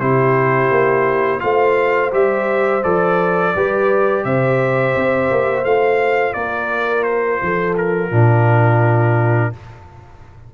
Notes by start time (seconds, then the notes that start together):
0.00 C3 E4 G4 C5
0.71 A#3
1.40 A3 F4 C5 F5
2.11 G3 G4 E5
2.83 F3 A4 D5
3.55 G3 G4 B4
4.24 C3 C5 E5
4.95 C4
5.31 A#3
5.64 A3 F4 F5
6.34 A#3 A#4 D5
7.04 C5
7.42 F3 A4
7.78 A#4
8.10 A#2 D4 F4